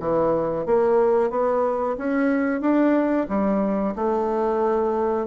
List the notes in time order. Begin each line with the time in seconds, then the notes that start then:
0.00 E3
0.66 A#3
1.31 B3
1.98 C#4
2.61 D4
3.29 G3
3.96 A3